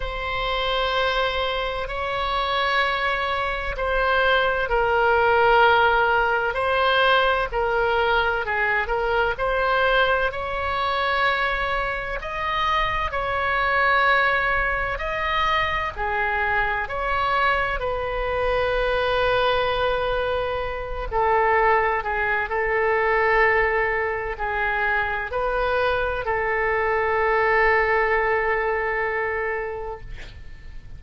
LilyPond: \new Staff \with { instrumentName = "oboe" } { \time 4/4 \tempo 4 = 64 c''2 cis''2 | c''4 ais'2 c''4 | ais'4 gis'8 ais'8 c''4 cis''4~ | cis''4 dis''4 cis''2 |
dis''4 gis'4 cis''4 b'4~ | b'2~ b'8 a'4 gis'8 | a'2 gis'4 b'4 | a'1 | }